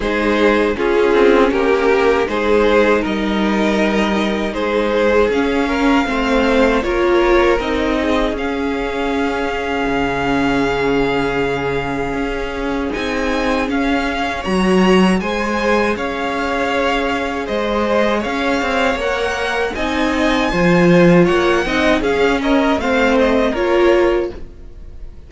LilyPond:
<<
  \new Staff \with { instrumentName = "violin" } { \time 4/4 \tempo 4 = 79 c''4 gis'4 ais'4 c''4 | dis''2 c''4 f''4~ | f''4 cis''4 dis''4 f''4~ | f''1~ |
f''4 gis''4 f''4 ais''4 | gis''4 f''2 dis''4 | f''4 fis''4 gis''2 | fis''4 f''8 dis''8 f''8 dis''8 cis''4 | }
  \new Staff \with { instrumentName = "violin" } { \time 4/4 gis'4 f'4 g'4 gis'4 | ais'2 gis'4. ais'8 | c''4 ais'4. gis'4.~ | gis'1~ |
gis'2. cis''4 | c''4 cis''2 c''4 | cis''2 dis''4 c''4 | cis''8 dis''8 gis'8 ais'8 c''4 ais'4 | }
  \new Staff \with { instrumentName = "viola" } { \time 4/4 dis'4 cis'2 dis'4~ | dis'2. cis'4 | c'4 f'4 dis'4 cis'4~ | cis'1~ |
cis'4 dis'4 cis'4 fis'4 | gis'1~ | gis'4 ais'4 dis'4 f'4~ | f'8 dis'8 cis'4 c'4 f'4 | }
  \new Staff \with { instrumentName = "cello" } { \time 4/4 gis4 cis'8 c'8 ais4 gis4 | g2 gis4 cis'4 | a4 ais4 c'4 cis'4~ | cis'4 cis2. |
cis'4 c'4 cis'4 fis4 | gis4 cis'2 gis4 | cis'8 c'8 ais4 c'4 f4 | ais8 c'8 cis'4 a4 ais4 | }
>>